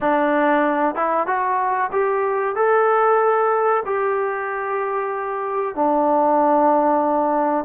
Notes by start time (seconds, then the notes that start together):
0.00 D4
0.95 E4
1.26 F#4
1.92 G4
2.55 A4
3.85 G4
5.75 D4